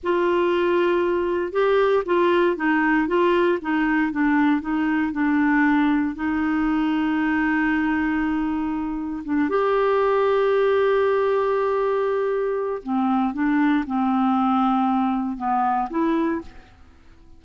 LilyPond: \new Staff \with { instrumentName = "clarinet" } { \time 4/4 \tempo 4 = 117 f'2. g'4 | f'4 dis'4 f'4 dis'4 | d'4 dis'4 d'2 | dis'1~ |
dis'2 d'8 g'4.~ | g'1~ | g'4 c'4 d'4 c'4~ | c'2 b4 e'4 | }